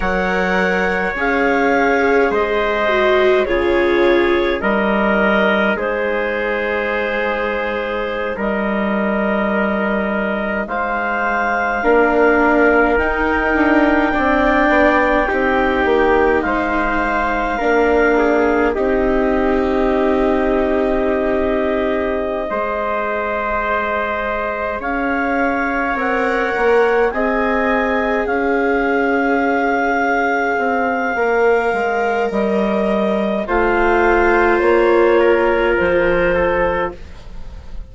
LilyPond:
<<
  \new Staff \with { instrumentName = "clarinet" } { \time 4/4 \tempo 4 = 52 fis''4 f''4 dis''4 cis''4 | dis''4 c''2~ c''16 dis''8.~ | dis''4~ dis''16 f''2 g''8.~ | g''2~ g''16 f''4.~ f''16~ |
f''16 dis''2.~ dis''8.~ | dis''4. f''4 fis''4 gis''8~ | gis''8 f''2.~ f''8 | dis''4 f''4 cis''4 c''4 | }
  \new Staff \with { instrumentName = "trumpet" } { \time 4/4 cis''2 c''4 gis'4 | ais'4 gis'2~ gis'16 ais'8.~ | ais'4~ ais'16 c''4 ais'4.~ ais'16~ | ais'16 d''4 g'4 c''4 ais'8 gis'16~ |
gis'16 g'2.~ g'16 c''8~ | c''4. cis''2 dis''8~ | dis''8 cis''2.~ cis''8~ | cis''4 c''4. ais'4 a'8 | }
  \new Staff \with { instrumentName = "viola" } { \time 4/4 ais'4 gis'4. fis'8 f'4 | dis'1~ | dis'2~ dis'16 d'4 dis'8.~ | dis'16 d'4 dis'2 d'8.~ |
d'16 dis'2.~ dis'16 gis'8~ | gis'2~ gis'8 ais'4 gis'8~ | gis'2. ais'4~ | ais'4 f'2. | }
  \new Staff \with { instrumentName = "bassoon" } { \time 4/4 fis4 cis'4 gis4 cis4 | g4 gis2~ gis16 g8.~ | g4~ g16 gis4 ais4 dis'8 d'16~ | d'16 c'8 b8 c'8 ais8 gis4 ais8.~ |
ais16 c'2.~ c'16 gis8~ | gis4. cis'4 c'8 ais8 c'8~ | c'8 cis'2 c'8 ais8 gis8 | g4 a4 ais4 f4 | }
>>